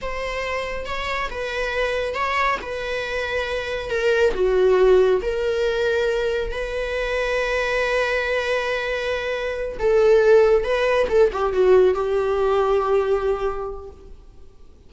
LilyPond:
\new Staff \with { instrumentName = "viola" } { \time 4/4 \tempo 4 = 138 c''2 cis''4 b'4~ | b'4 cis''4 b'2~ | b'4 ais'4 fis'2 | ais'2. b'4~ |
b'1~ | b'2~ b'8 a'4.~ | a'8 b'4 a'8 g'8 fis'4 g'8~ | g'1 | }